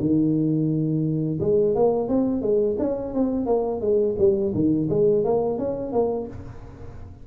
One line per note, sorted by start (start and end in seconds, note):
0.00 1.40 D#3
1.40 1.75 G#3
1.75 2.08 A#3
2.08 2.42 C4
2.42 2.77 G#3
2.79 3.14 C#4
3.14 3.46 C4
3.46 3.81 A#3
3.81 4.16 G#3
4.18 4.53 G3
4.54 4.89 D#3
4.90 5.25 G#3
5.25 5.58 A#3
5.58 5.92 C#4
5.92 6.27 A#3